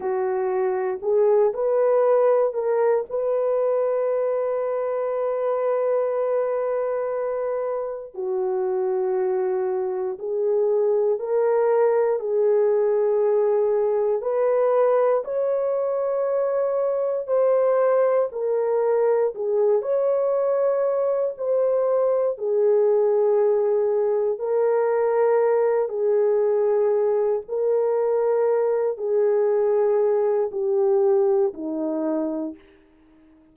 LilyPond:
\new Staff \with { instrumentName = "horn" } { \time 4/4 \tempo 4 = 59 fis'4 gis'8 b'4 ais'8 b'4~ | b'1 | fis'2 gis'4 ais'4 | gis'2 b'4 cis''4~ |
cis''4 c''4 ais'4 gis'8 cis''8~ | cis''4 c''4 gis'2 | ais'4. gis'4. ais'4~ | ais'8 gis'4. g'4 dis'4 | }